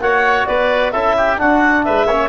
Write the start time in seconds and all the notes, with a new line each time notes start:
0.00 A#3 F#4 C#5 F#5
0.46 B3 B4 D5
0.91 C#4 E4 A4 E5
1.17 G4
1.37 D4 F#4 F#5
1.84 G#3 B4 E5
2.06 A#3 C#4 C#5